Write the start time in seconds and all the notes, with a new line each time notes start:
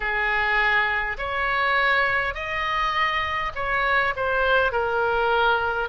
0.00 G#4
1.18 C#5
2.34 D#5
3.55 C#5
4.16 C5
4.72 A#4